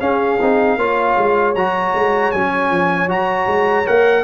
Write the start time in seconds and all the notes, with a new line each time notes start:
0.00 C#4 G#4 F5
0.41 C4 D#4
0.77 A#3 F4 C#5
1.17 G#3
1.55 F#3 F#4 A#5
1.94 G#3
2.31 F#3 C#4 G#5
2.70 F3
3.07 F#3 F#4 A#5
3.47 G#3
3.85 A#3 A#4 F#5